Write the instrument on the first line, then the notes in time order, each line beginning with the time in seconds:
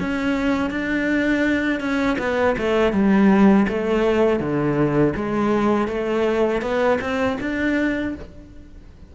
cello
0.00 C#4
0.70 D4
1.80 C#4
2.19 B3
2.58 A3
2.93 G3
3.68 A3
4.40 D3
5.16 G#3
5.88 A3
6.62 B3
7.01 C4
7.41 D4